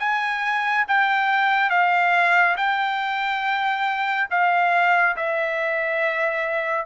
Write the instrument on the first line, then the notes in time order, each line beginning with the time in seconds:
trumpet
0.00 G#5
0.88 G5
1.70 F5
2.57 G5
4.31 F5
5.17 E5